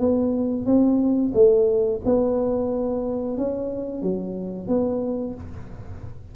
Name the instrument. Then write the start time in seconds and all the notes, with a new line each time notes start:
tuba
0.00 B3
0.66 C4
1.35 A3
2.05 B3
3.38 C#4
4.03 F#3
4.68 B3